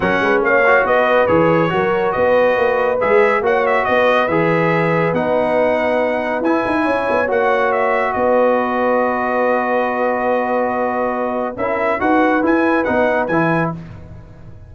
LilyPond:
<<
  \new Staff \with { instrumentName = "trumpet" } { \time 4/4 \tempo 4 = 140 fis''4 f''4 dis''4 cis''4~ | cis''4 dis''2 e''4 | fis''8 e''8 dis''4 e''2 | fis''2. gis''4~ |
gis''4 fis''4 e''4 dis''4~ | dis''1~ | dis''2. e''4 | fis''4 gis''4 fis''4 gis''4 | }
  \new Staff \with { instrumentName = "horn" } { \time 4/4 ais'8 b'8 cis''4 b'2 | ais'4 b'2. | cis''4 b'2.~ | b'1 |
cis''2. b'4~ | b'1~ | b'2. ais'4 | b'1 | }
  \new Staff \with { instrumentName = "trombone" } { \time 4/4 cis'4. fis'4. gis'4 | fis'2. gis'4 | fis'2 gis'2 | dis'2. e'4~ |
e'4 fis'2.~ | fis'1~ | fis'2. e'4 | fis'4 e'4 dis'4 e'4 | }
  \new Staff \with { instrumentName = "tuba" } { \time 4/4 fis8 gis8 ais4 b4 e4 | fis4 b4 ais4 gis4 | ais4 b4 e2 | b2. e'8 dis'8 |
cis'8 b8 ais2 b4~ | b1~ | b2. cis'4 | dis'4 e'4 b4 e4 | }
>>